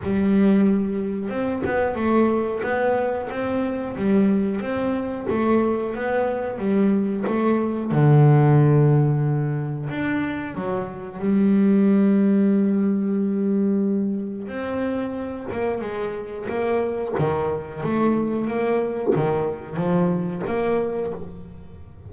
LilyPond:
\new Staff \with { instrumentName = "double bass" } { \time 4/4 \tempo 4 = 91 g2 c'8 b8 a4 | b4 c'4 g4 c'4 | a4 b4 g4 a4 | d2. d'4 |
fis4 g2.~ | g2 c'4. ais8 | gis4 ais4 dis4 a4 | ais4 dis4 f4 ais4 | }